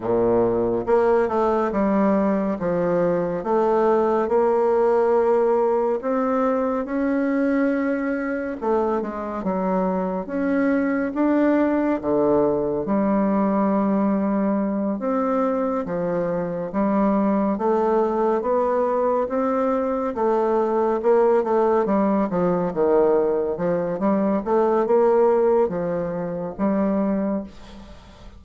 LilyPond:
\new Staff \with { instrumentName = "bassoon" } { \time 4/4 \tempo 4 = 70 ais,4 ais8 a8 g4 f4 | a4 ais2 c'4 | cis'2 a8 gis8 fis4 | cis'4 d'4 d4 g4~ |
g4. c'4 f4 g8~ | g8 a4 b4 c'4 a8~ | a8 ais8 a8 g8 f8 dis4 f8 | g8 a8 ais4 f4 g4 | }